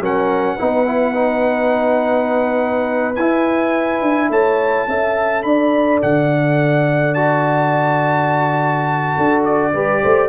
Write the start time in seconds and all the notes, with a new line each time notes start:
0.00 F#3 C#4 A#4 F#5
0.56 B3 D#4 B4
0.86 E4
1.14 D#4
3.15 E4 G#5
4.02 D4
4.30 A3 C#5 A5
4.87 C#4 A4 E5
5.42 D4 D5 B5
6.02 D3 F#5
7.14 F#4 A5
9.16 D4 A4
9.44 D5
9.73 G3 G4 B4
10.02 A3 C5